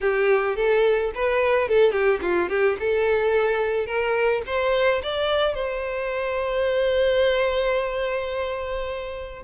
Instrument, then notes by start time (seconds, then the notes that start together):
violin
0.00 G4
0.56 A4
1.14 B4
1.68 A4
1.91 G4
2.21 F4
2.49 G4
2.79 A4
3.86 A#4
4.46 C5
5.03 D5
5.54 C5